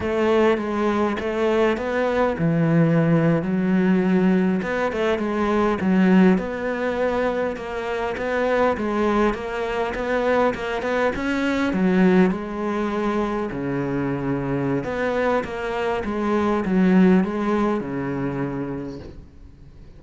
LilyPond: \new Staff \with { instrumentName = "cello" } { \time 4/4 \tempo 4 = 101 a4 gis4 a4 b4 | e4.~ e16 fis2 b16~ | b16 a8 gis4 fis4 b4~ b16~ | b8. ais4 b4 gis4 ais16~ |
ais8. b4 ais8 b8 cis'4 fis16~ | fis8. gis2 cis4~ cis16~ | cis4 b4 ais4 gis4 | fis4 gis4 cis2 | }